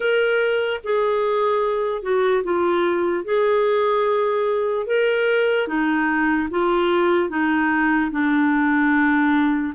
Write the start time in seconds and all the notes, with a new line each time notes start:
0.00 A#4
0.83 G#4
2.02 F#4
2.43 F4
3.24 G#4
4.86 A#4
5.67 D#4
6.50 F4
7.29 D#4
8.11 D4